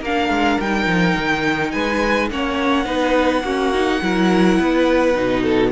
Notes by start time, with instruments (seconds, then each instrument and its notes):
0.00 cello A#3, viola D4, violin A#4 F5
0.29 cello G#3
0.60 cello G3, viola D#4, violin G5
0.86 cello F3
1.17 cello D#3
1.71 cello G#3, violin B4 G#5
2.30 cello A#3, viola C#4, violin C#5 F#5
2.84 cello B3, viola D#4, violin B4
3.42 cello A#3, viola C#4, violin F#4
3.73 viola D#4
4.01 cello F#3, viola E4, violin A#4
4.59 cello B3, violin B4
5.14 cello B2, viola D#4
5.42 violin A4